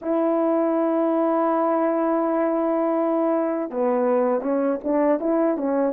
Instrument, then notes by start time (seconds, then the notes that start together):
horn
0.01 E4
3.70 B3
4.41 C#4
4.84 D4
5.20 E4
5.57 C#4